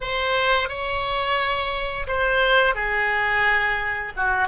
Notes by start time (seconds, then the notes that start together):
0.01 C5
0.68 C#5
2.07 C5
2.75 G#4
4.16 F#4